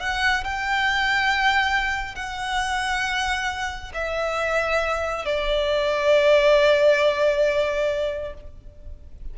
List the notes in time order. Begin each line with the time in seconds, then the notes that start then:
0.00 F#5
0.44 G5
2.15 F#5
3.94 E5
5.25 D5